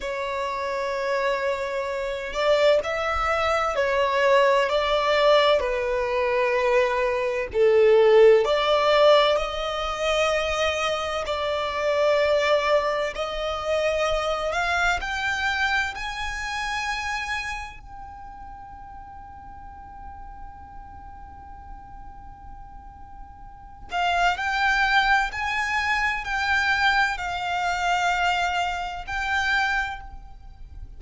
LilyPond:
\new Staff \with { instrumentName = "violin" } { \time 4/4 \tempo 4 = 64 cis''2~ cis''8 d''8 e''4 | cis''4 d''4 b'2 | a'4 d''4 dis''2 | d''2 dis''4. f''8 |
g''4 gis''2 g''4~ | g''1~ | g''4. f''8 g''4 gis''4 | g''4 f''2 g''4 | }